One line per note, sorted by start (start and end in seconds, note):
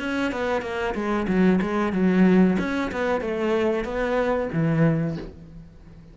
0.00 0.32 C#4
0.32 0.62 B3
0.62 0.94 A#3
0.95 1.27 G#3
1.28 1.60 F#3
1.62 1.93 G#3
1.93 2.57 F#3
2.60 2.92 C#4
2.92 3.21 B3
3.21 3.85 A3
3.85 4.50 B3
4.53 5.18 E3